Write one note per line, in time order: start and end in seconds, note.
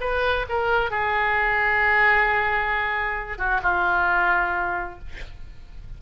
0.00 0.45 B4
0.49 0.91 A#4
0.91 3.38 G#4
3.38 3.61 F#4
3.62 4.99 F4